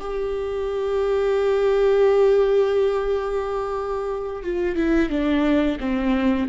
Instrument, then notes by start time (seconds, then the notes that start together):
viola
0.00 G4
4.43 F4
4.76 E4
5.10 D4
5.80 C4